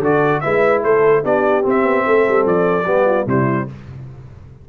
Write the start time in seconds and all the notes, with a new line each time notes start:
0.00 D3 F#4 A4 D5
0.41 G#3 E4 B4 E5
0.84 A3 A4 C5
1.24 B3 D4 G4 D5
1.63 C4
1.70 E5
1.84 B3
2.07 A3 A4
2.28 G3
2.46 F3 D5
2.85 G3 B3 G4
3.06 F4
3.27 C3 G3 E4 C5